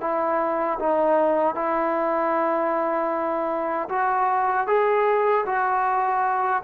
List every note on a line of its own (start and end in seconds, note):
0.00 0.78 E4
0.79 1.54 D#4
1.54 3.88 E4
3.89 4.66 F#4
4.66 5.44 G#4
5.45 6.62 F#4